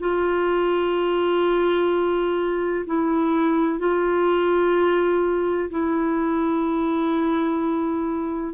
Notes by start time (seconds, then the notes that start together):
0.00 F4
2.87 E4
3.80 F4
5.71 E4